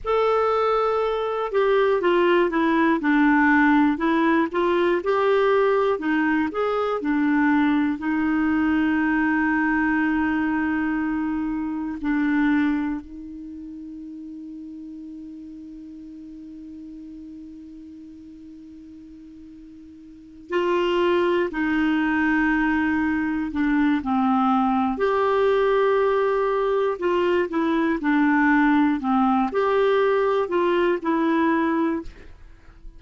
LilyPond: \new Staff \with { instrumentName = "clarinet" } { \time 4/4 \tempo 4 = 60 a'4. g'8 f'8 e'8 d'4 | e'8 f'8 g'4 dis'8 gis'8 d'4 | dis'1 | d'4 dis'2.~ |
dis'1~ | dis'8 f'4 dis'2 d'8 | c'4 g'2 f'8 e'8 | d'4 c'8 g'4 f'8 e'4 | }